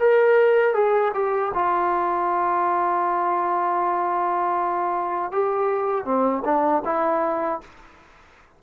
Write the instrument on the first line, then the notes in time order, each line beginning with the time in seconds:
trombone
0.00 A#4
0.74 G#4
1.14 G4
1.54 F4
5.32 G4
6.05 C4
6.45 D4
6.85 E4